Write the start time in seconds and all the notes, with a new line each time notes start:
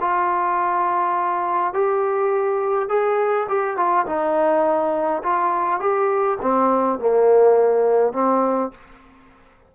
0.00 F4
1.73 G4
2.89 G#4
3.48 G4
3.76 F4
4.06 D#4
5.23 F4
5.80 G4
6.41 C4
6.99 A#3
8.13 C4